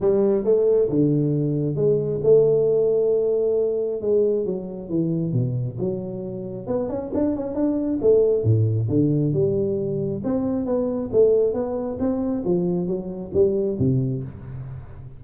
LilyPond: \new Staff \with { instrumentName = "tuba" } { \time 4/4 \tempo 4 = 135 g4 a4 d2 | gis4 a2.~ | a4 gis4 fis4 e4 | b,4 fis2 b8 cis'8 |
d'8 cis'8 d'4 a4 a,4 | d4 g2 c'4 | b4 a4 b4 c'4 | f4 fis4 g4 c4 | }